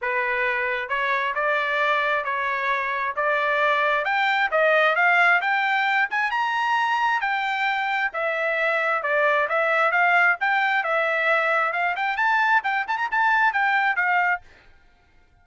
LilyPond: \new Staff \with { instrumentName = "trumpet" } { \time 4/4 \tempo 4 = 133 b'2 cis''4 d''4~ | d''4 cis''2 d''4~ | d''4 g''4 dis''4 f''4 | g''4. gis''8 ais''2 |
g''2 e''2 | d''4 e''4 f''4 g''4 | e''2 f''8 g''8 a''4 | g''8 a''16 ais''16 a''4 g''4 f''4 | }